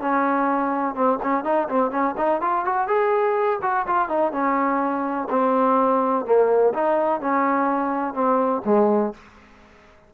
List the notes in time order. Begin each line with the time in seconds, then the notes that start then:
0.00 C#4
0.94 C4
1.22 C#4
1.44 D#4
1.68 C4
1.90 C#4
2.17 D#4
2.41 F4
2.65 F#4
2.87 G#4
3.62 F#4
3.86 F4
4.08 D#4
4.32 C#4
5.29 C4
6.25 A#3
6.73 D#4
7.20 C#4
8.14 C4
8.65 G#3